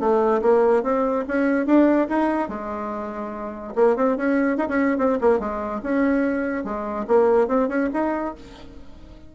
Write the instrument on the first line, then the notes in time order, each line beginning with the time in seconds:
bassoon
0.00 A3
0.42 A#3
0.83 C4
1.28 C#4
1.66 D4
2.09 D#4
2.49 G#3
3.75 A#3
3.96 C4
4.17 C#4
4.58 D#4
4.68 C#4
4.98 C4
5.21 A#3
5.39 G#3
5.83 C#4
6.64 G#3
7.07 A#3
7.48 C4
7.68 C#4
7.93 D#4